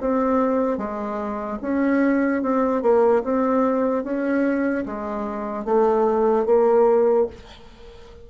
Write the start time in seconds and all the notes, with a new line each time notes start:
0.00 C4
0.77 G#3
1.61 C#4
2.42 C4
2.82 A#3
3.23 C4
4.03 C#4
4.85 G#3
5.64 A3
6.45 A#3